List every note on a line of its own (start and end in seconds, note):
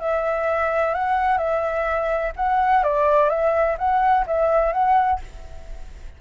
0.00 0.94 E5
0.94 1.38 F#5
1.38 2.33 E5
2.37 2.84 F#5
2.84 3.30 D5
3.30 3.77 E5
3.79 4.26 F#5
4.27 4.73 E5
4.73 5.21 F#5